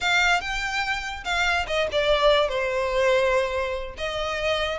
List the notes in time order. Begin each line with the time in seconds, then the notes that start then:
0.00 F5
0.40 G5
1.24 F5
1.67 D#5
1.92 D5
2.48 C5
3.97 D#5